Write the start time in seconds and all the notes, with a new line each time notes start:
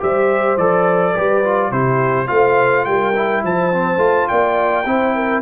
0.00 G3 G4 C5 E5
0.57 F3 A4 D5
1.13 G3 G4 B4
1.44 F4
1.71 C3 E4 G4 C5
2.27 A3 F4 C5 F5
2.85 G3 A#4 G5
3.16 E4
3.44 F3 C5 A5
3.72 C4
3.98 A3 F4
4.28 A#3 D5 G5
4.86 C4 E4 C5
5.15 A#4